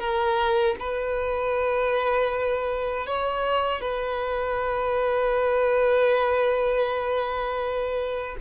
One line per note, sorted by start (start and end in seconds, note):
0.00 0.76 A#4
0.79 3.07 B4
3.07 3.81 C#5
3.81 8.37 B4